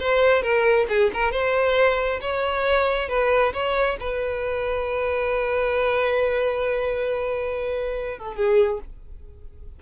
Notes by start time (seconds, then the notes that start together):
0.00 C5
0.43 A#4
0.89 G#4
1.14 A#4
1.32 C5
2.21 C#5
3.09 B4
3.53 C#5
4.00 B4
8.19 A4
8.36 G#4